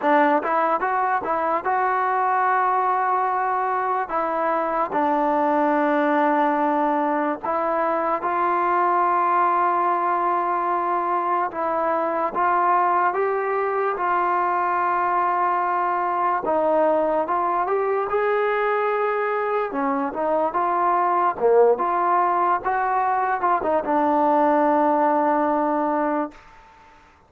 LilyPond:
\new Staff \with { instrumentName = "trombone" } { \time 4/4 \tempo 4 = 73 d'8 e'8 fis'8 e'8 fis'2~ | fis'4 e'4 d'2~ | d'4 e'4 f'2~ | f'2 e'4 f'4 |
g'4 f'2. | dis'4 f'8 g'8 gis'2 | cis'8 dis'8 f'4 ais8 f'4 fis'8~ | fis'8 f'16 dis'16 d'2. | }